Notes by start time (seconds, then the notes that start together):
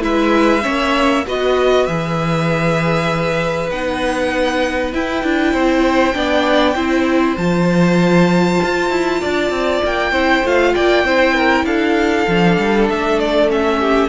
0.00 G#3 E4 B4 E5
0.62 A#3 C#4 C#5
1.27 B3 F#4 B4 D#5
1.87 E3 G#4 E5
3.71 B3 D#4 F#5
4.93 E4 G5
5.24 D4
5.54 C4 C5
6.14 B3 D4 D5
6.76 C4 E4 C5
7.37 F3 F4 A5
8.64 F4
8.90 E4
9.21 D4 D5
9.51 C4
9.85 A#3 G5
10.12 C4 E4 C5
10.45 A3 F4 F5
10.75 A#3 D5 G5
11.04 C4 E4 C5
11.35 A#4
11.65 D4 A4 F5
12.28 F3 D4
12.59 G3
12.90 A3 E5
13.20 D5
13.49 C#4 E5
13.80 G4